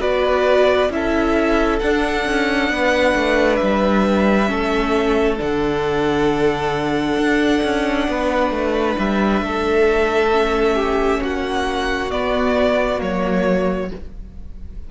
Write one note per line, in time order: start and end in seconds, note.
0.00 0.89 B3
0.00 0.90 F#4
0.00 0.90 B4
0.00 0.91 D5
0.89 1.79 C#4
0.89 1.80 E4
0.89 2.72 A4
0.89 1.79 E5
1.79 4.47 D4
1.79 2.26 D4
1.79 3.56 F#5
2.26 2.70 C#4
2.70 3.15 B3
2.70 4.50 B4
3.15 3.60 A3
3.56 5.35 E5
3.62 4.50 G3
4.47 5.40 A3
4.47 5.36 C#4
4.47 8.08 A4
5.37 7.17 D3
5.37 10.30 D4
5.37 8.99 F#5
7.17 7.62 D4
7.63 8.08 C#4
8.08 8.51 B3
8.08 9.45 B4
8.51 8.96 A3
8.99 9.42 G3
8.99 11.23 E5
9.42 11.21 A3
9.42 10.75 A4
10.31 12.10 C#4
10.75 11.20 G4
11.21 12.12 A#3
11.21 13.90 F#4
11.21 12.11 F#5
12.11 12.97 B3
12.11 13.01 B3
12.11 13.01 D5
12.97 13.91 F#3
12.97 13.87 A#3
12.97 13.92 C#5